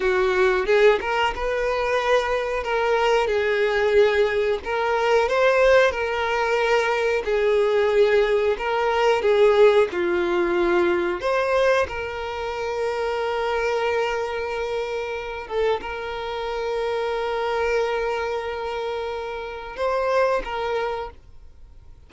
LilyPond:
\new Staff \with { instrumentName = "violin" } { \time 4/4 \tempo 4 = 91 fis'4 gis'8 ais'8 b'2 | ais'4 gis'2 ais'4 | c''4 ais'2 gis'4~ | gis'4 ais'4 gis'4 f'4~ |
f'4 c''4 ais'2~ | ais'2.~ ais'8 a'8 | ais'1~ | ais'2 c''4 ais'4 | }